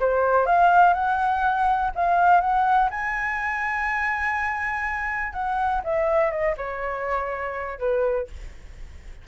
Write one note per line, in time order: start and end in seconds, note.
0.00 0.46 C5
0.46 0.94 F5
0.94 1.91 F#5
1.96 2.41 F5
2.41 2.90 F#5
2.90 5.33 G#5
5.33 5.82 F#5
5.84 6.31 E5
6.31 6.55 D#5
6.57 7.79 C#5
7.79 8.27 B4